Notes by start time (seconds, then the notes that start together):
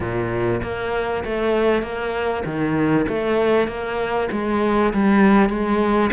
0.00 A#2
0.62 A#3
1.24 A3
1.82 A#3
2.45 D#3
3.08 A3
3.67 A#3
4.31 G#3
4.93 G3
5.49 G#3